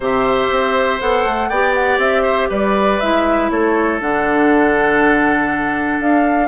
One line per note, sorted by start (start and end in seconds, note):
0.00 0.49 C3
0.00 1.01 G4
0.00 1.49 C5
0.00 1.00 E5
0.50 1.00 C4
1.00 1.25 B3
1.00 1.51 A4
1.00 1.48 F#5
1.25 1.50 A3
1.48 1.97 B3
1.48 3.02 G4
1.48 2.23 D5
1.48 1.73 G5
1.74 1.99 F#5
1.97 2.48 C4
1.97 2.49 E5
2.23 2.48 C5
2.49 3.00 G3
2.49 3.49 B4
2.49 3.00 D5
3.00 3.50 G#3
3.00 4.00 E4
3.00 3.50 E5
3.50 4.00 A3
3.50 6.48 A4
3.50 4.00 C#5
4.00 6.00 D3
4.00 6.48 D4
4.00 6.01 F#5
6.00 6.48 D4
6.00 6.48 F5